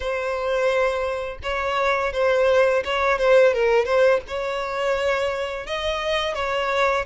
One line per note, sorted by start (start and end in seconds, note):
0.00 1.38 C5
1.42 2.12 C#5
2.12 2.83 C5
2.84 3.18 C#5
3.18 3.53 C5
3.53 3.85 A#4
3.85 4.20 C5
4.27 5.66 C#5
5.66 6.34 D#5
6.34 7.05 C#5